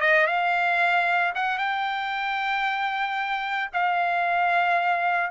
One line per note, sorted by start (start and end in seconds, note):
0.00 0.27 D#5
0.27 1.33 F5
1.34 1.58 F#5
1.58 3.70 G5
3.73 5.30 F5